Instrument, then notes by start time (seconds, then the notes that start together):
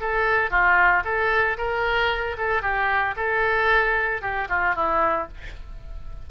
oboe
0.00 A4
0.50 F4
1.04 A4
1.57 A#4
2.37 A4
2.62 G4
3.16 A4
4.21 G4
4.49 F4
4.75 E4